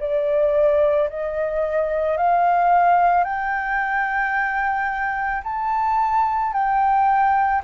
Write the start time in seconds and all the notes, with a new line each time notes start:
0.00 D5
1.10 D#5
2.18 F5
3.24 G5
5.44 A5
6.54 G5